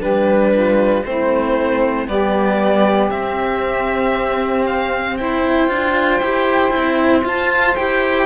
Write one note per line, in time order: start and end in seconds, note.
0.00 1.04 G3
0.00 1.04 D4
0.00 0.52 G4
0.00 1.04 B4
0.52 1.04 F4
1.04 2.08 A3
1.04 2.08 C4
1.04 2.10 E4
1.04 2.07 C5
2.08 3.10 G3
2.08 3.11 B3
2.08 5.20 G4
2.08 3.10 D5
3.10 5.69 C4
3.10 5.19 C4
3.10 4.65 E5
4.66 5.17 F5
5.17 5.68 E4
5.17 8.26 C5
5.17 7.24 G5
5.68 6.20 D4
5.68 6.20 F4
6.20 6.71 E4
6.20 6.70 G4
6.70 7.22 E4
6.77 7.25 C4
7.24 7.76 F4
7.24 7.75 A5
7.75 8.26 E4
7.75 8.26 G4
7.75 8.26 G5